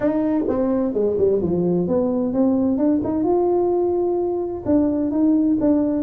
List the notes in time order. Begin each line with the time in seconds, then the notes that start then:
0.00 D#4
0.48 C4
0.93 G#3
1.17 G3
1.42 F3
1.87 B3
2.33 C4
2.77 D4
3.04 D#4
3.23 F4
4.65 D4
5.11 D#4
5.60 D4